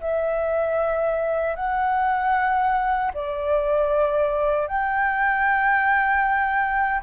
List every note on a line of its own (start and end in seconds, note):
0.00 1.55 E5
1.55 3.11 F#5
3.14 4.67 D5
4.67 7.01 G5